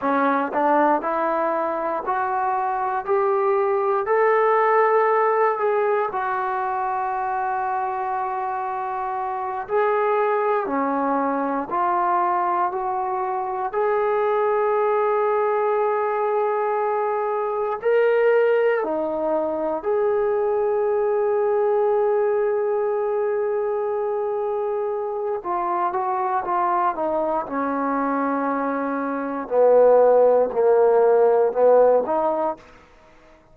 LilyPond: \new Staff \with { instrumentName = "trombone" } { \time 4/4 \tempo 4 = 59 cis'8 d'8 e'4 fis'4 g'4 | a'4. gis'8 fis'2~ | fis'4. gis'4 cis'4 f'8~ | f'8 fis'4 gis'2~ gis'8~ |
gis'4. ais'4 dis'4 gis'8~ | gis'1~ | gis'4 f'8 fis'8 f'8 dis'8 cis'4~ | cis'4 b4 ais4 b8 dis'8 | }